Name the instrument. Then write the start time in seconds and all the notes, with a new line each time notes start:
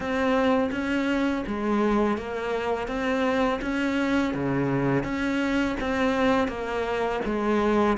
cello
0.00 C4
0.71 C#4
1.47 G#3
2.17 A#3
2.87 C4
3.61 C#4
4.34 C#3
5.03 C#4
5.80 C4
6.48 A#3
7.25 G#3